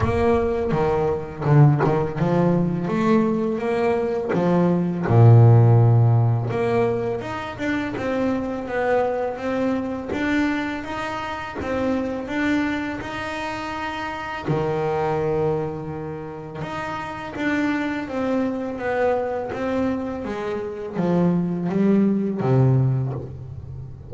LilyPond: \new Staff \with { instrumentName = "double bass" } { \time 4/4 \tempo 4 = 83 ais4 dis4 d8 dis8 f4 | a4 ais4 f4 ais,4~ | ais,4 ais4 dis'8 d'8 c'4 | b4 c'4 d'4 dis'4 |
c'4 d'4 dis'2 | dis2. dis'4 | d'4 c'4 b4 c'4 | gis4 f4 g4 c4 | }